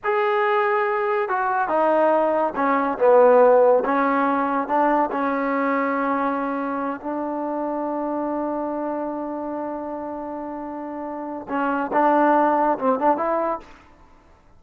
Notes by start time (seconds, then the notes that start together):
0.03 G#4
1.28 F#4
1.68 D#4
2.55 C#4
2.98 B3
3.85 C#4
4.67 D4
5.11 C#4
7.00 D4
11.48 C#4
11.92 D4
12.78 C4
12.99 D4
13.17 E4